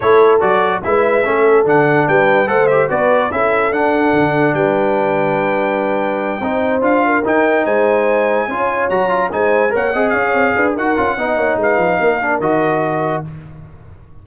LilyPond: <<
  \new Staff \with { instrumentName = "trumpet" } { \time 4/4 \tempo 4 = 145 cis''4 d''4 e''2 | fis''4 g''4 fis''8 e''8 d''4 | e''4 fis''2 g''4~ | g''1~ |
g''8 f''4 g''4 gis''4.~ | gis''4. ais''4 gis''4 fis''8~ | fis''8 f''4. fis''2 | f''2 dis''2 | }
  \new Staff \with { instrumentName = "horn" } { \time 4/4 a'2 b'4 a'4~ | a'4 b'4 c''4 b'4 | a'2. b'4~ | b'2.~ b'8 c''8~ |
c''4 ais'4. c''4.~ | c''8 cis''2 c''4 cis''8 | dis''8 cis''4 b'8 ais'4 dis''8 cis''8 | b'4 ais'2. | }
  \new Staff \with { instrumentName = "trombone" } { \time 4/4 e'4 fis'4 e'4 cis'4 | d'2 a'8 g'8 fis'4 | e'4 d'2.~ | d'2.~ d'8 dis'8~ |
dis'8 f'4 dis'2~ dis'8~ | dis'8 f'4 fis'8 f'8 dis'4 ais'8 | gis'2 fis'8 f'8 dis'4~ | dis'4. d'8 fis'2 | }
  \new Staff \with { instrumentName = "tuba" } { \time 4/4 a4 fis4 gis4 a4 | d4 g4 a4 b4 | cis'4 d'4 d4 g4~ | g2.~ g8 c'8~ |
c'8 d'4 dis'4 gis4.~ | gis8 cis'4 fis4 gis4 ais8 | c'8 cis'8 c'8 d'8 dis'8 cis'8 b8 ais8 | gis8 f8 ais4 dis2 | }
>>